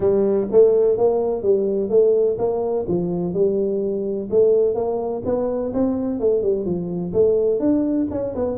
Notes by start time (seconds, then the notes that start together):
0.00 G3
0.51 A3
0.97 A#3
1.42 G3
1.89 A3
2.38 A#3
2.88 F3
3.33 G3
4.30 A3
4.74 A#3
5.25 B3
5.73 C4
6.19 A3
6.42 G3
6.65 F3
7.13 A3
7.59 D4
8.10 C#4
8.35 B3